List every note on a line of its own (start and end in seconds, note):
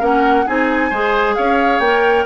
0.00 0.46 A#3
0.00 0.45 C#4
0.00 0.45 A#4
0.00 0.48 F#5
0.46 0.91 C4
0.46 0.92 D#4
0.46 0.90 G#4
0.46 1.35 G#5
0.90 1.36 G#3
0.90 1.84 G#4
0.90 1.35 C5
1.35 1.80 C#4
1.35 2.26 C#5
1.35 1.80 F5
1.80 2.25 A#3
1.80 2.26 A#4
1.80 2.25 G5